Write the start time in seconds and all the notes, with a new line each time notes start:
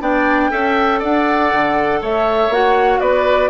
0.00 B3 D4 D5 G5
0.50 C#4 A4 E5
0.99 D4 D5 F#5
1.52 D3
2.01 A3 C#5 E5
2.49 A#3 F#4 F#5
3.00 B3 B4 D5